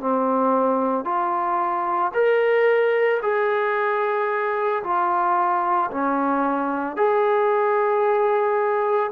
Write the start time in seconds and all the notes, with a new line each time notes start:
0.00 C4
1.05 F4
2.14 A#4
3.22 G#4
4.83 F4
5.91 C#4
6.96 G#4